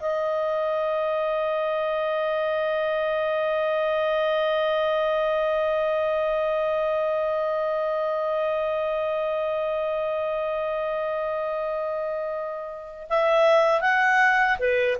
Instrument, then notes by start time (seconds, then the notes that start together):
clarinet
0.00 D#5
13.09 E5
13.81 F#5
14.59 B4